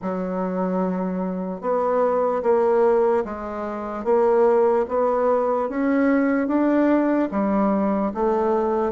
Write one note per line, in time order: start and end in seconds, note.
0.01 1.61 F#3
1.61 2.42 B3
2.43 3.24 A#3
3.24 4.04 G#3
4.04 4.85 A#3
4.88 5.69 B3
5.69 6.47 C#4
6.47 7.28 D4
7.31 8.12 G3
8.14 8.92 A3